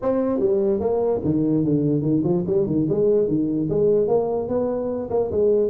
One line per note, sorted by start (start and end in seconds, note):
0.01 0.39 C4
0.39 0.80 G3
0.80 1.21 A#3
1.24 1.64 D#3
1.64 2.02 D3
2.02 2.22 D#3
2.24 2.44 F3
2.47 2.66 G3
2.66 2.86 D#3
2.89 3.28 G#3
3.28 3.68 D#3
3.69 4.07 G#3
4.07 4.48 A#3
4.48 5.09 B3
5.10 5.30 A#3
5.31 5.70 G#3